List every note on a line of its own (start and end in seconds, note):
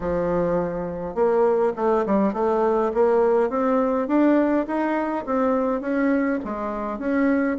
0.00 1.14 F3
1.14 1.73 A#3
1.76 2.05 A3
2.05 2.33 G3
2.33 2.91 A3
2.94 3.49 A#3
3.49 4.07 C4
4.07 4.65 D4
4.67 5.25 D#4
5.25 5.81 C4
5.81 6.39 C#4
6.44 6.98 G#3
6.98 7.57 C#4